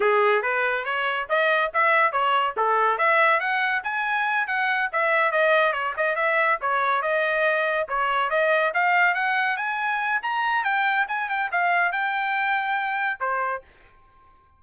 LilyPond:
\new Staff \with { instrumentName = "trumpet" } { \time 4/4 \tempo 4 = 141 gis'4 b'4 cis''4 dis''4 | e''4 cis''4 a'4 e''4 | fis''4 gis''4. fis''4 e''8~ | e''8 dis''4 cis''8 dis''8 e''4 cis''8~ |
cis''8 dis''2 cis''4 dis''8~ | dis''8 f''4 fis''4 gis''4. | ais''4 g''4 gis''8 g''8 f''4 | g''2. c''4 | }